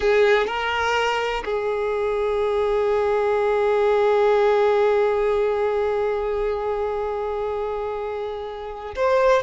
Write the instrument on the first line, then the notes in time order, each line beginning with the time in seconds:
violin
0.00 G#4
0.46 A#4
1.44 G#4
8.95 C5